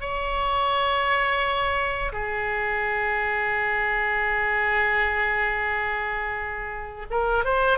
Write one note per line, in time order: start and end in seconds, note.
0.00 2.12 C#5
2.12 7.06 G#4
7.10 7.44 A#4
7.44 7.78 C5